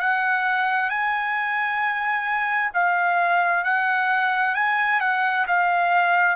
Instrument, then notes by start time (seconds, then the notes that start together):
trumpet
0.00 F#5
0.90 G#5
2.74 F5
3.64 F#5
4.55 G#5
5.00 F#5
5.48 F5